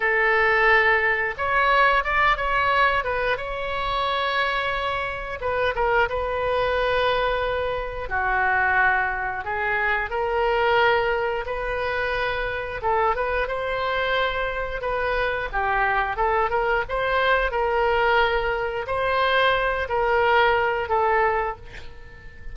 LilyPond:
\new Staff \with { instrumentName = "oboe" } { \time 4/4 \tempo 4 = 89 a'2 cis''4 d''8 cis''8~ | cis''8 b'8 cis''2. | b'8 ais'8 b'2. | fis'2 gis'4 ais'4~ |
ais'4 b'2 a'8 b'8 | c''2 b'4 g'4 | a'8 ais'8 c''4 ais'2 | c''4. ais'4. a'4 | }